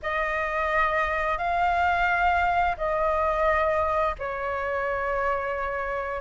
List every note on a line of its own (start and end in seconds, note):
0.02 1.38 D#5
1.38 2.76 F5
2.77 4.15 D#5
4.18 6.21 C#5